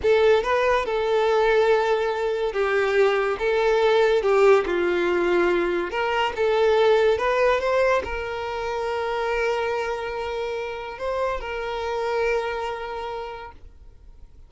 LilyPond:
\new Staff \with { instrumentName = "violin" } { \time 4/4 \tempo 4 = 142 a'4 b'4 a'2~ | a'2 g'2 | a'2 g'4 f'4~ | f'2 ais'4 a'4~ |
a'4 b'4 c''4 ais'4~ | ais'1~ | ais'2 c''4 ais'4~ | ais'1 | }